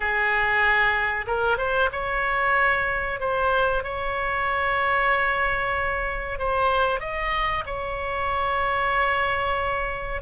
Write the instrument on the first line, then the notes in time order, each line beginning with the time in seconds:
oboe
0.00 G#4
1.26 A#4
1.57 C5
1.92 C#5
3.19 C5
3.83 C#5
6.38 C5
7.00 D#5
7.66 C#5